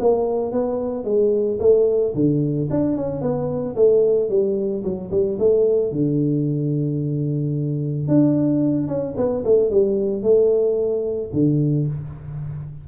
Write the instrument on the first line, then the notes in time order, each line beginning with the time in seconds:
tuba
0.00 A#3
0.52 B3
1.04 G#3
1.60 A3
2.15 D3
2.70 D4
2.96 C#4
3.21 B3
3.76 A3
4.29 G3
4.84 F#3
5.11 G3
5.39 A3
5.92 D3
8.08 D4
8.88 C#4
9.17 B3
9.45 A3
9.70 G3
10.23 A3
11.33 D3